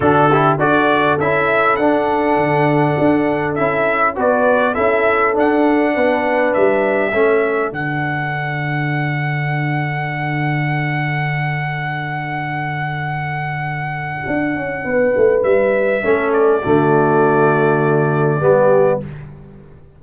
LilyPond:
<<
  \new Staff \with { instrumentName = "trumpet" } { \time 4/4 \tempo 4 = 101 a'4 d''4 e''4 fis''4~ | fis''2 e''4 d''4 | e''4 fis''2 e''4~ | e''4 fis''2.~ |
fis''1~ | fis''1~ | fis''2 e''4. d''8~ | d''1 | }
  \new Staff \with { instrumentName = "horn" } { \time 4/4 fis'8 g'8 a'2.~ | a'2. b'4 | a'2 b'2 | a'1~ |
a'1~ | a'1~ | a'4 b'2 a'4 | fis'2. g'4 | }
  \new Staff \with { instrumentName = "trombone" } { \time 4/4 d'8 e'8 fis'4 e'4 d'4~ | d'2 e'4 fis'4 | e'4 d'2. | cis'4 d'2.~ |
d'1~ | d'1~ | d'2. cis'4 | a2. b4 | }
  \new Staff \with { instrumentName = "tuba" } { \time 4/4 d4 d'4 cis'4 d'4 | d4 d'4 cis'4 b4 | cis'4 d'4 b4 g4 | a4 d2.~ |
d1~ | d1 | d'8 cis'8 b8 a8 g4 a4 | d2. g4 | }
>>